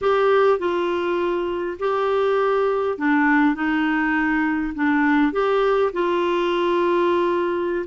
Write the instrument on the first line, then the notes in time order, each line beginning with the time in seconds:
clarinet
0.01 G4
0.59 F4
1.79 G4
2.98 D4
3.54 D#4
4.74 D4
5.32 G4
5.92 F4